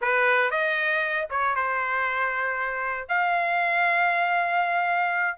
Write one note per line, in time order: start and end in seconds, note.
0.01 0.50 B4
0.50 1.27 D#5
1.30 1.55 C#5
1.55 3.08 C5
3.08 5.38 F5